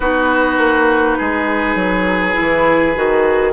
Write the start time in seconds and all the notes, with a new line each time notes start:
0.00 B3 D#4 F#4 B4
0.58 A#3
1.18 G#3 G#4
1.75 F#3
2.33 E4
2.39 E3
2.95 D#3 F#4